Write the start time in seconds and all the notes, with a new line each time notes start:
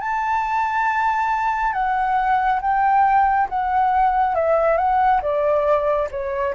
0.00 A5
1.73 F#5
2.61 G5
3.49 F#5
4.35 E5
4.77 F#5
5.22 D5
6.11 C#5